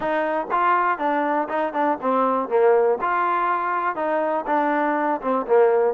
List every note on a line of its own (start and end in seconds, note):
0.00 0.46 D#4
0.51 0.98 F4
0.98 1.48 D4
1.49 1.73 D#4
1.73 1.98 D4
2.01 2.49 C4
2.49 2.98 A#3
3.01 3.95 F4
3.95 4.45 D#4
4.46 5.20 D4
5.21 5.45 C4
5.47 5.94 A#3